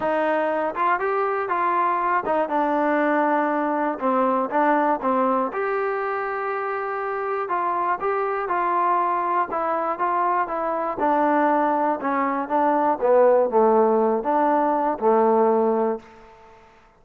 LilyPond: \new Staff \with { instrumentName = "trombone" } { \time 4/4 \tempo 4 = 120 dis'4. f'8 g'4 f'4~ | f'8 dis'8 d'2. | c'4 d'4 c'4 g'4~ | g'2. f'4 |
g'4 f'2 e'4 | f'4 e'4 d'2 | cis'4 d'4 b4 a4~ | a8 d'4. a2 | }